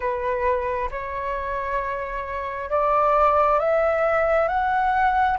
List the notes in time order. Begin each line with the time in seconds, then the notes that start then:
0.00 B4
0.90 C#5
2.70 D5
3.59 E5
4.48 F#5